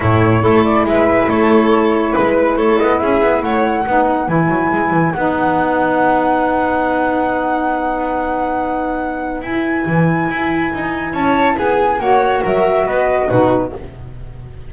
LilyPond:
<<
  \new Staff \with { instrumentName = "flute" } { \time 4/4 \tempo 4 = 140 cis''4. d''8 e''4 cis''4~ | cis''4 b'4 cis''8 dis''8 e''4 | fis''2 gis''2 | fis''1~ |
fis''1~ | fis''2 gis''2~ | gis''2 a''4 gis''4 | fis''4 e''4 dis''4 b'4 | }
  \new Staff \with { instrumentName = "violin" } { \time 4/4 e'4 a'4 b'4 a'4~ | a'4 b'4 a'4 gis'4 | cis''4 b'2.~ | b'1~ |
b'1~ | b'1~ | b'2 cis''4 gis'4 | cis''4 ais'4 b'4 fis'4 | }
  \new Staff \with { instrumentName = "saxophone" } { \time 4/4 a4 e'2.~ | e'1~ | e'4 dis'4 e'2 | dis'1~ |
dis'1~ | dis'2 e'2~ | e'1 | fis'2. dis'4 | }
  \new Staff \with { instrumentName = "double bass" } { \time 4/4 a,4 a4 gis4 a4~ | a4 gis4 a8 b8 cis'8 b8 | a4 b4 e8 fis8 gis8 e8 | b1~ |
b1~ | b2 e'4 e4 | e'4 dis'4 cis'4 b4 | ais4 fis4 b4 b,4 | }
>>